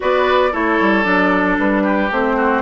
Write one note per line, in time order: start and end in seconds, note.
0.00 0.53 B3
0.00 0.50 F#4
0.00 0.51 B4
0.00 0.54 D5
0.51 0.79 A3
0.51 1.03 E4
0.51 1.83 A4
0.51 1.03 C#5
0.80 1.05 G3
1.03 1.58 F#3
1.03 2.08 D4
1.03 1.56 D5
1.58 2.10 G3
1.58 2.11 B4
1.83 2.35 G4
2.10 2.62 A3
2.10 2.62 C4
2.10 2.62 C5
2.36 2.62 F#4